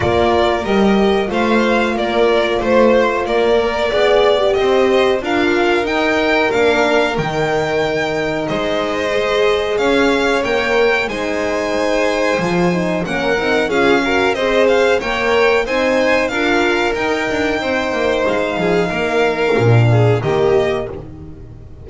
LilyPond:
<<
  \new Staff \with { instrumentName = "violin" } { \time 4/4 \tempo 4 = 92 d''4 dis''4 f''4 d''4 | c''4 d''2 dis''4 | f''4 g''4 f''4 g''4~ | g''4 dis''2 f''4 |
g''4 gis''2. | fis''4 f''4 dis''8 f''8 g''4 | gis''4 f''4 g''2 | f''2. dis''4 | }
  \new Staff \with { instrumentName = "violin" } { \time 4/4 ais'2 c''4 ais'4 | c''4 ais'4 d''4 c''4 | ais'1~ | ais'4 c''2 cis''4~ |
cis''4 c''2. | ais'4 gis'8 ais'8 c''4 cis''4 | c''4 ais'2 c''4~ | c''8 gis'8 ais'4. gis'8 g'4 | }
  \new Staff \with { instrumentName = "horn" } { \time 4/4 f'4 g'4 f'2~ | f'4. ais'8 gis'8. g'4~ g'16 | f'4 dis'4 d'4 dis'4~ | dis'2 gis'2 |
ais'4 dis'2 f'8 dis'8 | cis'8 dis'8 f'8 fis'8 gis'4 ais'4 | dis'4 f'4 dis'2~ | dis'2 d'4 ais4 | }
  \new Staff \with { instrumentName = "double bass" } { \time 4/4 ais4 g4 a4 ais4 | a4 ais4 b4 c'4 | d'4 dis'4 ais4 dis4~ | dis4 gis2 cis'4 |
ais4 gis2 f4 | ais8 c'8 cis'4 c'4 ais4 | c'4 d'4 dis'8 d'8 c'8 ais8 | gis8 f8 ais4 ais,4 dis4 | }
>>